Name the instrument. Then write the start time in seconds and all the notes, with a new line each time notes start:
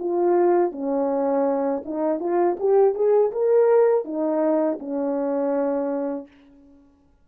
horn
0.00 F4
0.72 C#4
1.86 D#4
2.21 F4
2.60 G4
2.95 G#4
3.32 A#4
4.05 D#4
4.80 C#4